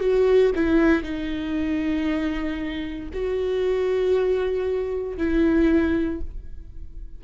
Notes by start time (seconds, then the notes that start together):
0.00 F#4
0.55 E4
1.03 D#4
3.13 F#4
5.17 E4